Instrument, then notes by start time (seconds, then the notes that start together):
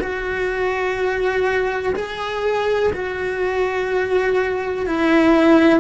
cello
0.00 F#4
1.96 G#4
2.93 F#4
4.87 E4